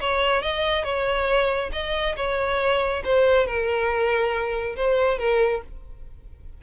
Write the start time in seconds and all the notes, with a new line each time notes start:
0.00 C#5
0.42 D#5
0.84 C#5
1.72 D#5
2.16 C#5
3.04 C5
3.46 A#4
4.76 C5
5.18 A#4